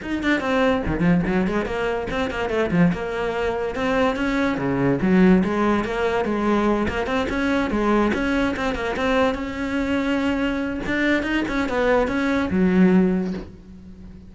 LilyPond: \new Staff \with { instrumentName = "cello" } { \time 4/4 \tempo 4 = 144 dis'8 d'8 c'4 dis8 f8 fis8 gis8 | ais4 c'8 ais8 a8 f8 ais4~ | ais4 c'4 cis'4 cis4 | fis4 gis4 ais4 gis4~ |
gis8 ais8 c'8 cis'4 gis4 cis'8~ | cis'8 c'8 ais8 c'4 cis'4.~ | cis'2 d'4 dis'8 cis'8 | b4 cis'4 fis2 | }